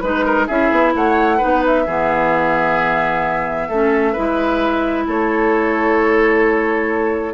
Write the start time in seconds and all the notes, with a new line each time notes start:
0.00 G#3 D#4 B4
0.25 A#4
0.47 C#4 E4 G#4 E5
0.71 B3
0.95 A3 C#5 F#5
1.37 D#4 B4
1.44 B3
1.66 E5
1.86 E3 B3 G#4
3.68 A3 C#4 A4
4.12 G#3 E4 B4
5.06 A3 A4 C#5